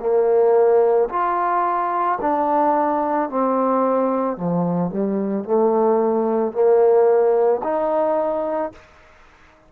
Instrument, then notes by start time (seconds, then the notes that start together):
trombone
0.00 A#3
1.10 F4
2.21 D4
3.30 C4
4.37 F3
4.91 G3
5.44 A3
6.53 A#3
7.64 D#4